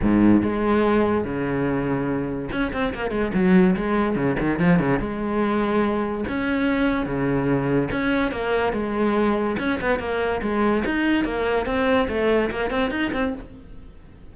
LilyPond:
\new Staff \with { instrumentName = "cello" } { \time 4/4 \tempo 4 = 144 gis,4 gis2 cis4~ | cis2 cis'8 c'8 ais8 gis8 | fis4 gis4 cis8 dis8 f8 cis8 | gis2. cis'4~ |
cis'4 cis2 cis'4 | ais4 gis2 cis'8 b8 | ais4 gis4 dis'4 ais4 | c'4 a4 ais8 c'8 dis'8 c'8 | }